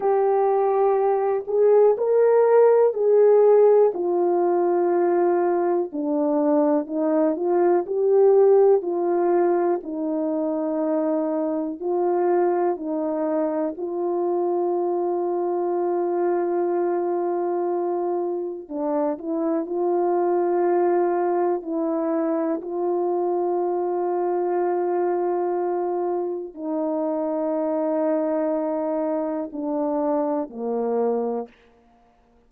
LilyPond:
\new Staff \with { instrumentName = "horn" } { \time 4/4 \tempo 4 = 61 g'4. gis'8 ais'4 gis'4 | f'2 d'4 dis'8 f'8 | g'4 f'4 dis'2 | f'4 dis'4 f'2~ |
f'2. d'8 e'8 | f'2 e'4 f'4~ | f'2. dis'4~ | dis'2 d'4 ais4 | }